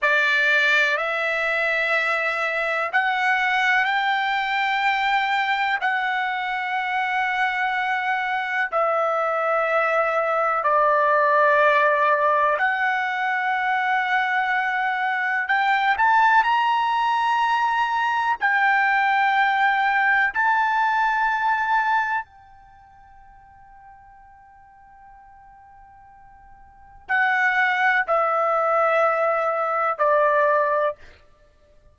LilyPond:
\new Staff \with { instrumentName = "trumpet" } { \time 4/4 \tempo 4 = 62 d''4 e''2 fis''4 | g''2 fis''2~ | fis''4 e''2 d''4~ | d''4 fis''2. |
g''8 a''8 ais''2 g''4~ | g''4 a''2 g''4~ | g''1 | fis''4 e''2 d''4 | }